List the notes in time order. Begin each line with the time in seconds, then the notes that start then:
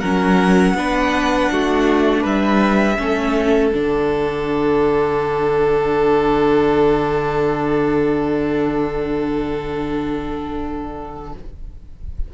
0.00 F#3 C#4 A#4 F#5
0.74 B3 D4 B4
1.52 A3 F#4
2.21 G3 B4 E5
2.98 A3 C#4 A4
3.72 D3 D4 F#5